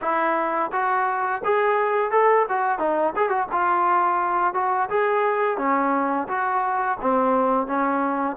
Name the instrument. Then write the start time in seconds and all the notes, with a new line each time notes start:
trombone
0.01 E4
0.72 F#4
1.44 G#4
2.11 A4
2.48 F#4
2.78 D#4
3.16 G#4
3.29 F#4
3.51 F4
4.54 F#4
4.89 G#4
5.57 C#4
6.28 F#4
7.01 C4
7.66 C#4